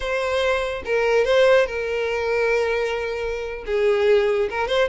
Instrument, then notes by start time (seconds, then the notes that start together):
violin
0.00 C5
0.85 A#4
1.25 C5
1.66 A#4
3.66 G#4
4.50 A#4
4.67 C5